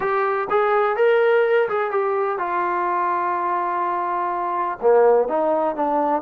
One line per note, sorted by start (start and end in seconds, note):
0.00 0.47 G4
0.50 0.96 G#4
0.96 1.68 A#4
1.68 1.90 G#4
1.90 2.38 G4
2.38 4.78 F4
4.81 5.28 A#3
5.28 5.75 D#4
5.75 6.22 D4